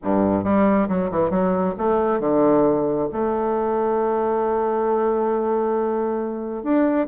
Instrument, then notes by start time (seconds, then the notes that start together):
bassoon
0.03 G2
0.44 G3
0.88 F#3
1.10 E3
1.30 F#3
1.77 A3
2.20 D3
3.12 A3
6.63 D4